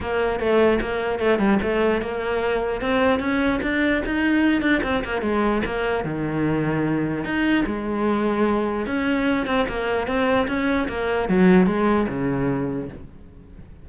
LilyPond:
\new Staff \with { instrumentName = "cello" } { \time 4/4 \tempo 4 = 149 ais4 a4 ais4 a8 g8 | a4 ais2 c'4 | cis'4 d'4 dis'4. d'8 | c'8 ais8 gis4 ais4 dis4~ |
dis2 dis'4 gis4~ | gis2 cis'4. c'8 | ais4 c'4 cis'4 ais4 | fis4 gis4 cis2 | }